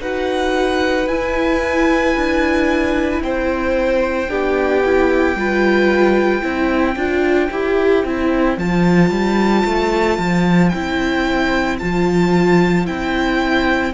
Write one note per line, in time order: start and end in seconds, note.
0.00 1.07 D#4
0.00 1.08 F#4
0.00 3.22 B4
0.00 1.08 F#5
1.07 2.14 E4
1.07 4.28 E4
1.07 3.22 G#5
2.16 3.21 D4
3.21 4.28 C4
3.21 4.30 C5
3.21 8.58 G5
4.28 5.34 B3
4.28 4.81 D4
4.28 5.37 G4
4.84 5.38 E4
5.34 6.42 G3
5.34 6.42 F4
5.34 6.42 B4
6.42 6.95 C4
6.42 6.95 E4
6.42 13.92 C5
6.95 7.49 D4
6.95 7.50 F4
7.50 8.04 E4
7.50 8.05 G4
8.04 8.57 C4
8.04 8.59 E4
8.57 9.10 F3
8.57 10.73 F4
8.57 10.69 A5
9.10 9.63 G3
9.65 10.18 A3
10.18 10.72 F3
10.69 11.81 C4
10.69 11.79 E4
10.69 11.76 G5
11.78 12.88 F3
11.78 12.85 F4
11.78 12.85 A5
12.85 13.93 C4
12.85 13.92 E4
12.85 13.93 G5